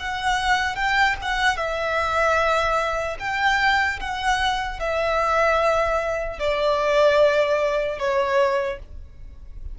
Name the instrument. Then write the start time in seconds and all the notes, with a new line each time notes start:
violin
0.00 F#5
0.76 G5
1.22 F#5
1.57 E5
3.20 G5
4.00 F#5
4.80 E5
6.40 D5
7.99 C#5